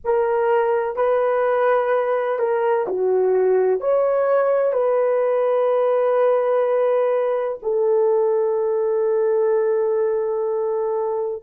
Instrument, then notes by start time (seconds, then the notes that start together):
horn
0.04 A#4
0.96 B4
2.39 A#4
2.87 F#4
3.80 C#5
4.72 B4
7.62 A4